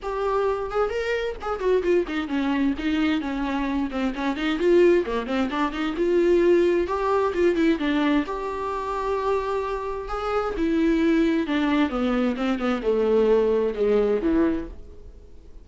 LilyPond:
\new Staff \with { instrumentName = "viola" } { \time 4/4 \tempo 4 = 131 g'4. gis'8 ais'4 gis'8 fis'8 | f'8 dis'8 cis'4 dis'4 cis'4~ | cis'8 c'8 cis'8 dis'8 f'4 ais8 c'8 | d'8 dis'8 f'2 g'4 |
f'8 e'8 d'4 g'2~ | g'2 gis'4 e'4~ | e'4 d'4 b4 c'8 b8 | a2 gis4 e4 | }